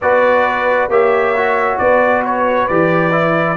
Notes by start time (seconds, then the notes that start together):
0.01 B3 F#4 B4 D5
0.88 A#3 G4 C#5 E5
1.36 F#4
1.78 B3 B4 D5
2.24 C#5
2.68 E3 G4 D5
3.11 E4